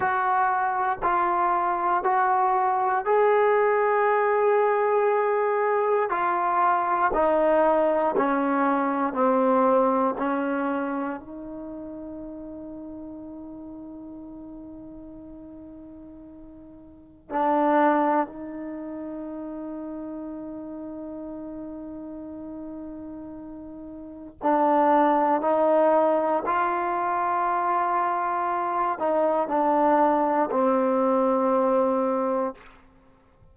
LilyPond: \new Staff \with { instrumentName = "trombone" } { \time 4/4 \tempo 4 = 59 fis'4 f'4 fis'4 gis'4~ | gis'2 f'4 dis'4 | cis'4 c'4 cis'4 dis'4~ | dis'1~ |
dis'4 d'4 dis'2~ | dis'1 | d'4 dis'4 f'2~ | f'8 dis'8 d'4 c'2 | }